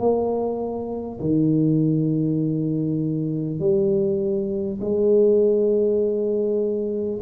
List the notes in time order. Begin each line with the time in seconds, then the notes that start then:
0.00 A#3
1.21 D#3
3.60 G3
4.81 G#3